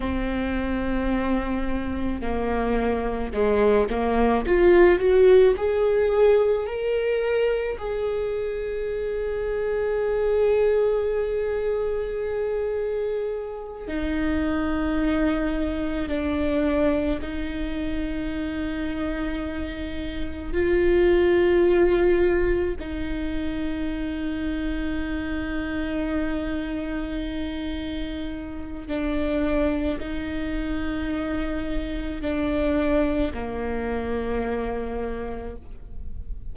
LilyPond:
\new Staff \with { instrumentName = "viola" } { \time 4/4 \tempo 4 = 54 c'2 ais4 gis8 ais8 | f'8 fis'8 gis'4 ais'4 gis'4~ | gis'1~ | gis'8 dis'2 d'4 dis'8~ |
dis'2~ dis'8 f'4.~ | f'8 dis'2.~ dis'8~ | dis'2 d'4 dis'4~ | dis'4 d'4 ais2 | }